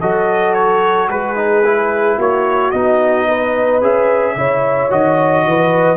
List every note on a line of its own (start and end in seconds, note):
0.00 1.08 F#3
0.00 1.36 F#4
0.00 1.09 A4
0.00 0.53 D#5
0.53 1.08 C#5
1.08 2.17 G#3
1.08 2.17 G#4
1.08 2.19 B4
1.36 1.63 D#4
1.64 2.73 E4
2.17 2.72 A#3
2.17 3.27 F#4
2.17 2.71 C#5
2.71 3.81 B3
2.71 3.81 D#4
2.71 3.80 D#5
3.27 4.36 B4
3.81 4.35 C#4
3.81 4.35 G#4
3.81 4.92 E5
4.35 4.89 C#3
4.35 4.90 E4
4.35 5.46 C#5
4.90 5.45 D#3
4.90 5.96 F#4
4.90 5.96 D#5
5.45 5.96 E3
5.45 5.96 B4